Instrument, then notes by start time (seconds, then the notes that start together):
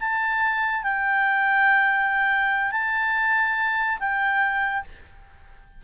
clarinet
0.00 A5
0.83 G5
2.72 A5
4.00 G5